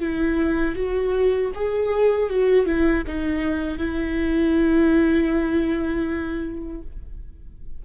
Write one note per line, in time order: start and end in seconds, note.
0.00 0.76 E4
0.76 1.52 F#4
1.55 2.30 G#4
2.30 2.66 F#4
2.66 3.04 E4
3.07 3.78 D#4
3.78 6.82 E4